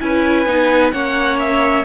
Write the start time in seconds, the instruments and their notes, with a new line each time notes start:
0.00 cello C#4, viola E4, violin B4 G#5
0.46 cello B3, viola D#4
0.92 cello A#3, viola C#4, violin C#5 F#5
1.39 violin E5